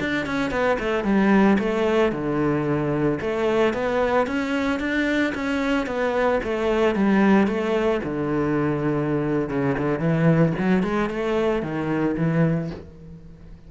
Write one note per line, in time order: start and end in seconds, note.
0.00 0.26 D4
0.26 0.51 C#4
0.51 0.78 B3
0.79 1.04 A3
1.04 1.58 G3
1.59 2.12 A3
2.12 3.19 D3
3.21 3.74 A3
3.74 4.27 B3
4.27 4.79 C#4
4.79 5.33 D4
5.34 5.86 C#4
5.86 6.40 B3
6.44 6.95 A3
6.95 7.47 G3
7.47 8.01 A3
8.04 9.49 D3
9.49 9.76 C#3
9.78 9.99 D3
9.99 10.53 E3
10.58 10.83 F#3
10.83 11.09 G#3
11.09 11.62 A3
11.62 12.16 D#3
12.17 12.70 E3